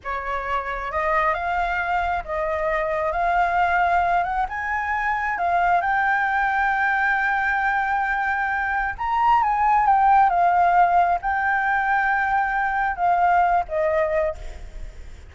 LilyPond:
\new Staff \with { instrumentName = "flute" } { \time 4/4 \tempo 4 = 134 cis''2 dis''4 f''4~ | f''4 dis''2 f''4~ | f''4. fis''8 gis''2 | f''4 g''2.~ |
g''1 | ais''4 gis''4 g''4 f''4~ | f''4 g''2.~ | g''4 f''4. dis''4. | }